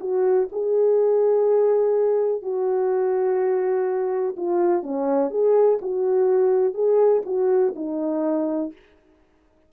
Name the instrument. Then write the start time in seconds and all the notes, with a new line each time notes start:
horn
0.00 F#4
0.52 G#4
2.42 F#4
4.37 F4
4.83 C#4
5.31 G#4
5.82 F#4
6.74 G#4
7.26 F#4
7.76 D#4